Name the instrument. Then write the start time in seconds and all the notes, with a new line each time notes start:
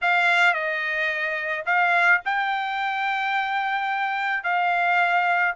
trumpet
0.02 F5
0.53 D#5
1.65 F5
2.25 G5
4.43 F5